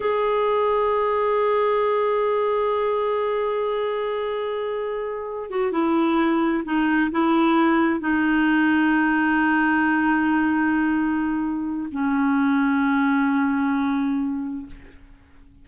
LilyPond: \new Staff \with { instrumentName = "clarinet" } { \time 4/4 \tempo 4 = 131 gis'1~ | gis'1~ | gis'1 | fis'8 e'2 dis'4 e'8~ |
e'4. dis'2~ dis'8~ | dis'1~ | dis'2 cis'2~ | cis'1 | }